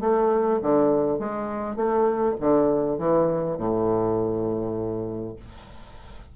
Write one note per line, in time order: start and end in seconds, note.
0.00 0.59 A3
0.62 1.19 D3
1.19 1.76 G#3
1.76 2.35 A3
2.40 2.98 D3
2.98 3.57 E3
3.57 5.35 A2